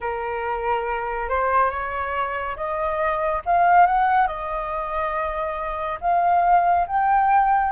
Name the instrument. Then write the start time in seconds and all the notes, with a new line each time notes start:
flute
0.00 A#4
1.29 C5
1.70 C#5
2.56 D#5
3.45 F5
3.86 F#5
4.27 D#5
6.00 F5
6.87 G5